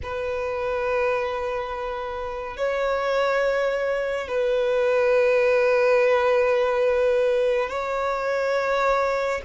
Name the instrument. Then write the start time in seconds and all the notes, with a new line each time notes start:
violin
0.02 B4
2.56 C#5
4.27 B4
7.69 C#5